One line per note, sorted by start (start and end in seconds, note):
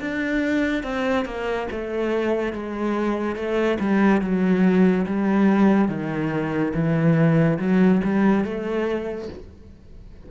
0.00 0.83 D4
0.83 1.26 C4
1.26 1.68 A#3
1.71 2.53 A3
2.53 3.36 G#3
3.36 3.78 A3
3.80 4.21 G3
4.21 5.06 F#3
5.07 5.88 G3
5.88 6.73 D#3
6.74 7.59 E3
7.59 8.01 F#3
8.04 8.45 G3
8.45 9.29 A3